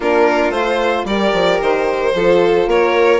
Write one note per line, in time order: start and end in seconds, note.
0.00 0.50 A#3
0.00 0.53 D4
0.00 1.05 F4
0.00 0.51 A#4
0.50 1.03 A3
0.50 1.06 F4
0.50 1.04 C5
1.04 1.31 G3
1.04 2.13 G4
1.04 2.14 A#4
1.04 1.60 D5
1.33 1.59 F3
1.60 2.13 D#3
1.60 2.69 C5
2.14 2.66 F3
2.14 3.20 F4
2.14 2.69 A4
2.66 3.20 A#3
2.66 3.20 A#4
2.66 3.20 C#5